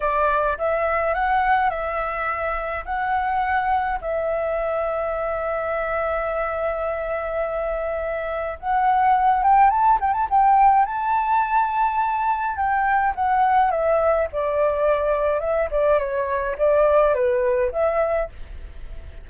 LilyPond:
\new Staff \with { instrumentName = "flute" } { \time 4/4 \tempo 4 = 105 d''4 e''4 fis''4 e''4~ | e''4 fis''2 e''4~ | e''1~ | e''2. fis''4~ |
fis''8 g''8 a''8 g''16 a''16 g''4 a''4~ | a''2 g''4 fis''4 | e''4 d''2 e''8 d''8 | cis''4 d''4 b'4 e''4 | }